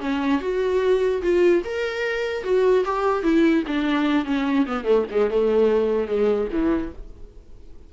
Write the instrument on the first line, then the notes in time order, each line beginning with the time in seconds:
viola
0.00 C#4
0.40 F#4
1.22 F4
1.64 A#4
2.43 F#4
2.85 G4
3.22 E4
3.67 D4
4.25 C#4
4.66 B3
4.84 A3
5.10 G#3
5.30 A3
6.07 G#3
6.52 E3